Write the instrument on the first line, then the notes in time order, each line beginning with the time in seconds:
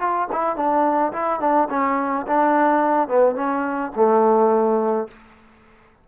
trombone
0.00 F4
0.32 E4
0.56 D4
1.13 E4
1.40 D4
1.70 C#4
2.27 D4
3.08 B3
3.36 C#4
3.96 A3